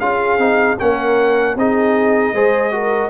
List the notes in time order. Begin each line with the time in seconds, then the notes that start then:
0.00 C#4 F4 G#4 F5
0.38 C4 D#4
0.80 A#3 C#4 A#4 F#5
1.56 C4 D#4 G#4 D#5
2.34 G#3 G#4 C5
2.72 F#4 A#4